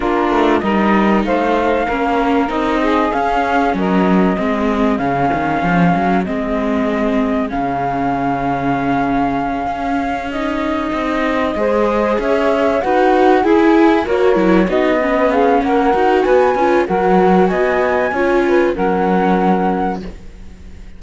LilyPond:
<<
  \new Staff \with { instrumentName = "flute" } { \time 4/4 \tempo 4 = 96 ais'4 dis''4 f''2 | dis''4 f''4 dis''2 | f''2 dis''2 | f''1~ |
f''8 dis''2. e''8~ | e''8 fis''4 gis''4 cis''4 dis''8~ | dis''8 f''8 fis''4 gis''4 fis''4 | gis''2 fis''2 | }
  \new Staff \with { instrumentName = "saxophone" } { \time 4/4 f'4 ais'4 c''4 ais'4~ | ais'8 gis'4. ais'4 gis'4~ | gis'1~ | gis'1~ |
gis'2~ gis'8 c''4 cis''8~ | cis''8 b'4 gis'4 ais'4 fis'8 | b'8 gis'8 ais'4 b'4 ais'4 | dis''4 cis''8 b'8 ais'2 | }
  \new Staff \with { instrumentName = "viola" } { \time 4/4 d'4 dis'2 cis'4 | dis'4 cis'2 c'4 | cis'2 c'2 | cis'1~ |
cis'8 dis'2 gis'4.~ | gis'8 fis'4 e'4 fis'8 e'8 dis'8 | cis'4. fis'4 f'8 fis'4~ | fis'4 f'4 cis'2 | }
  \new Staff \with { instrumentName = "cello" } { \time 4/4 ais8 a8 g4 a4 ais4 | c'4 cis'4 fis4 gis4 | cis8 dis8 f8 fis8 gis2 | cis2.~ cis8 cis'8~ |
cis'4. c'4 gis4 cis'8~ | cis'8 dis'4 e'4 ais8 fis8 b8~ | b4 ais8 dis'8 b8 cis'8 fis4 | b4 cis'4 fis2 | }
>>